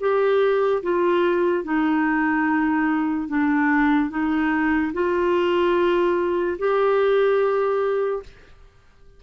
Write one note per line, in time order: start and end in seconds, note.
0.00 0.82 G4
0.83 1.64 F4
1.64 3.28 D#4
3.28 4.10 D4
4.10 4.92 D#4
4.93 6.58 F4
6.58 8.22 G4